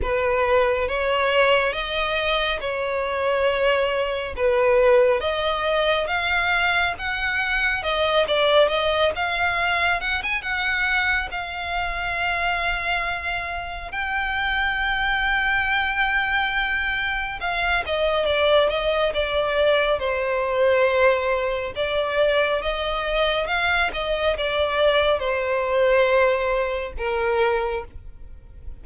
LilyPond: \new Staff \with { instrumentName = "violin" } { \time 4/4 \tempo 4 = 69 b'4 cis''4 dis''4 cis''4~ | cis''4 b'4 dis''4 f''4 | fis''4 dis''8 d''8 dis''8 f''4 fis''16 gis''16 | fis''4 f''2. |
g''1 | f''8 dis''8 d''8 dis''8 d''4 c''4~ | c''4 d''4 dis''4 f''8 dis''8 | d''4 c''2 ais'4 | }